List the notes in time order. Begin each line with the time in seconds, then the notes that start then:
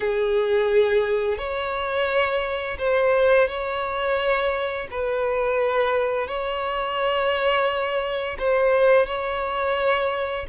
0.00 G#4
1.38 C#5
2.78 C5
3.48 C#5
4.91 B4
6.27 C#5
8.38 C5
9.06 C#5